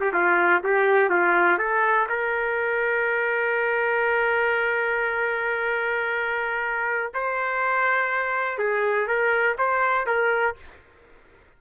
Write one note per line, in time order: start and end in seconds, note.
0.00 0.12 G4
0.13 0.62 F4
0.63 1.09 G4
1.09 1.58 F4
1.58 2.07 A4
2.09 7.13 A#4
7.14 8.58 C5
8.58 9.07 G#4
9.07 9.56 A#4
9.58 10.06 C5
10.06 10.56 A#4